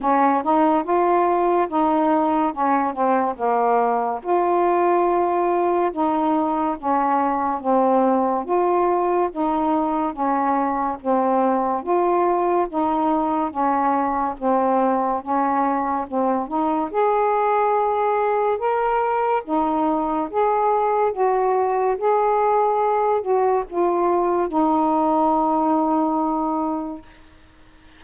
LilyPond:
\new Staff \with { instrumentName = "saxophone" } { \time 4/4 \tempo 4 = 71 cis'8 dis'8 f'4 dis'4 cis'8 c'8 | ais4 f'2 dis'4 | cis'4 c'4 f'4 dis'4 | cis'4 c'4 f'4 dis'4 |
cis'4 c'4 cis'4 c'8 dis'8 | gis'2 ais'4 dis'4 | gis'4 fis'4 gis'4. fis'8 | f'4 dis'2. | }